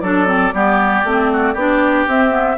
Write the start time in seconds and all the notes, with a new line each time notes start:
0.00 F#3 D4 A4 D5
0.26 C4
0.53 G3 B3 G4
1.04 A3 C4
1.33 F#4
1.53 B3 D4 G4
2.07 C4 E5
2.30 B3